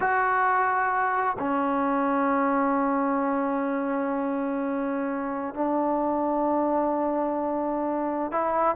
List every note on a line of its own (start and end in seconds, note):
0.00 1.36 F#4
1.38 5.54 C#4
5.54 8.31 D4
8.31 8.75 E4